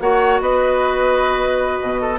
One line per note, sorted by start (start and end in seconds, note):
0.00 0.41 A#3
0.00 2.19 F#4
0.00 0.42 C#5
0.00 0.40 F#5
0.41 1.81 B3
0.41 2.01 B4
0.41 2.19 D#5
1.82 2.19 B2
2.01 2.19 A4